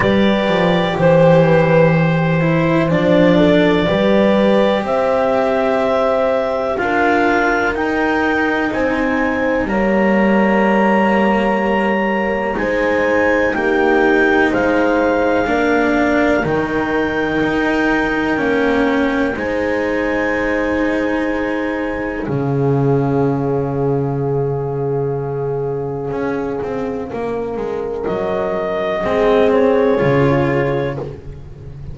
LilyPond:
<<
  \new Staff \with { instrumentName = "clarinet" } { \time 4/4 \tempo 4 = 62 d''4 c''2 d''4~ | d''4 e''2 f''4 | g''4 gis''4 ais''2~ | ais''4 gis''4 g''4 f''4~ |
f''4 g''2. | gis''2. f''4~ | f''1~ | f''4 dis''4. cis''4. | }
  \new Staff \with { instrumentName = "horn" } { \time 4/4 b'4 c''8 b'8 c''4. a'8 | b'4 c''2 ais'4~ | ais'4 c''4 cis''2~ | cis''4 c''4 g'4 c''4 |
ais'1 | c''2. gis'4~ | gis'1 | ais'2 gis'2 | }
  \new Staff \with { instrumentName = "cello" } { \time 4/4 g'2~ g'8 e'8 d'4 | g'2. f'4 | dis'2 ais2~ | ais4 dis'2. |
d'4 dis'2 cis'4 | dis'2. cis'4~ | cis'1~ | cis'2 c'4 f'4 | }
  \new Staff \with { instrumentName = "double bass" } { \time 4/4 g8 f8 e2 f4 | g4 c'2 d'4 | dis'4 c'4 g2~ | g4 gis4 ais4 gis4 |
ais4 dis4 dis'4 ais4 | gis2. cis4~ | cis2. cis'8 c'8 | ais8 gis8 fis4 gis4 cis4 | }
>>